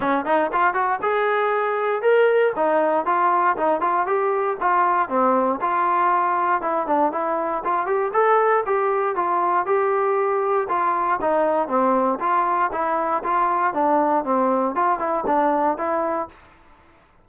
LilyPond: \new Staff \with { instrumentName = "trombone" } { \time 4/4 \tempo 4 = 118 cis'8 dis'8 f'8 fis'8 gis'2 | ais'4 dis'4 f'4 dis'8 f'8 | g'4 f'4 c'4 f'4~ | f'4 e'8 d'8 e'4 f'8 g'8 |
a'4 g'4 f'4 g'4~ | g'4 f'4 dis'4 c'4 | f'4 e'4 f'4 d'4 | c'4 f'8 e'8 d'4 e'4 | }